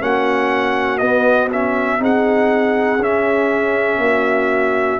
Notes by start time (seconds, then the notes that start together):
0.00 A#3 C#4 F#4 F#5
0.99 B3 D#5
1.52 C#4 E5
1.99 C4 D#4 G#4 F#5
2.99 C#4 E5
3.99 A#3 F#4